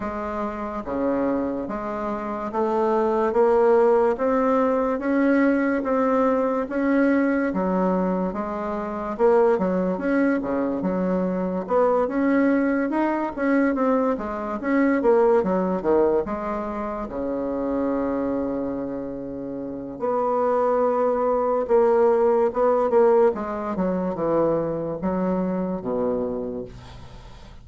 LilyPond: \new Staff \with { instrumentName = "bassoon" } { \time 4/4 \tempo 4 = 72 gis4 cis4 gis4 a4 | ais4 c'4 cis'4 c'4 | cis'4 fis4 gis4 ais8 fis8 | cis'8 cis8 fis4 b8 cis'4 dis'8 |
cis'8 c'8 gis8 cis'8 ais8 fis8 dis8 gis8~ | gis8 cis2.~ cis8 | b2 ais4 b8 ais8 | gis8 fis8 e4 fis4 b,4 | }